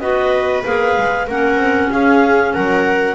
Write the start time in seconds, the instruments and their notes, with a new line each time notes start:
0.00 double bass B3, clarinet F#4 D#5, viola B4
0.65 double bass A#3, clarinet G#4 F5
0.97 double bass G#3
1.28 double bass A#3, clarinet C#4 F#5, viola A#4
1.57 double bass C4
1.92 double bass C#4, viola G#4, clarinet F5
2.54 double bass F#3, viola A#4, clarinet F#5